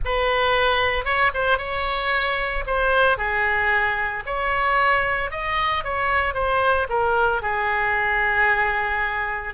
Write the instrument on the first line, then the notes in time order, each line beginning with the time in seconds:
oboe
0.04 B4
1.04 C#5
1.33 C5
1.58 C#5
2.66 C5
3.17 G#4
4.26 C#5
5.30 D#5
5.84 C#5
6.34 C5
6.89 A#4
7.42 G#4